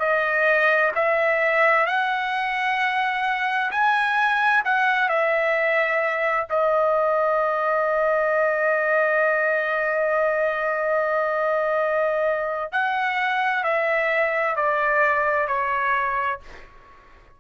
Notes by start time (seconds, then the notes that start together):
0.00 D#5
0.95 E5
1.87 F#5
3.72 G#5
4.65 F#5
5.09 E5
6.50 D#5
12.73 F#5
13.64 E5
14.56 D5
15.48 C#5